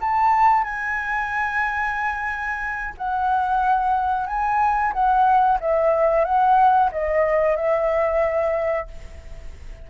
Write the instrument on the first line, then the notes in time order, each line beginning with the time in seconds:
flute
0.00 A5
0.63 G#5
2.97 F#5
4.26 G#5
4.92 F#5
5.60 E5
6.24 F#5
6.91 D#5
7.56 E5